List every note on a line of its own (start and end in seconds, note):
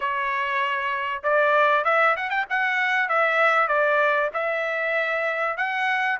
0.00 1.22 C#5
1.23 1.84 D5
1.84 2.15 E5
2.16 2.29 F#5
2.29 2.45 G5
2.49 3.08 F#5
3.08 3.68 E5
3.68 4.30 D5
4.33 5.57 E5
5.57 6.19 F#5